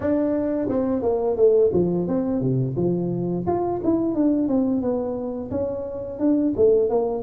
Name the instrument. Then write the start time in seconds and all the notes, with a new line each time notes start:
tuba
0.00 D4
0.69 C4
1.02 A#3
1.36 A3
1.72 F3
2.07 C4
2.40 C3
2.76 F3
3.46 F4
3.84 E4
4.14 D4
4.47 C4
4.81 B3
5.50 C#4
6.19 D4
6.56 A3
6.89 A#3